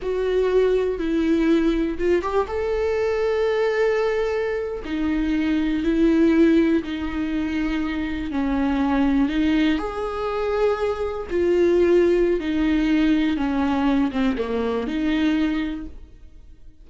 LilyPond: \new Staff \with { instrumentName = "viola" } { \time 4/4 \tempo 4 = 121 fis'2 e'2 | f'8 g'8 a'2.~ | a'4.~ a'16 dis'2 e'16~ | e'4.~ e'16 dis'2~ dis'16~ |
dis'8. cis'2 dis'4 gis'16~ | gis'2~ gis'8. f'4~ f'16~ | f'4 dis'2 cis'4~ | cis'8 c'8 ais4 dis'2 | }